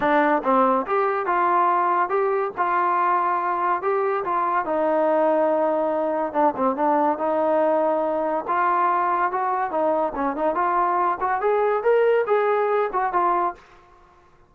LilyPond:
\new Staff \with { instrumentName = "trombone" } { \time 4/4 \tempo 4 = 142 d'4 c'4 g'4 f'4~ | f'4 g'4 f'2~ | f'4 g'4 f'4 dis'4~ | dis'2. d'8 c'8 |
d'4 dis'2. | f'2 fis'4 dis'4 | cis'8 dis'8 f'4. fis'8 gis'4 | ais'4 gis'4. fis'8 f'4 | }